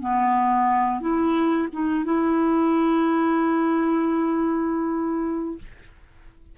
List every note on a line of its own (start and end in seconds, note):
0.00 1.00 B3
1.00 1.68 E4
1.72 2.04 D#4
2.04 5.58 E4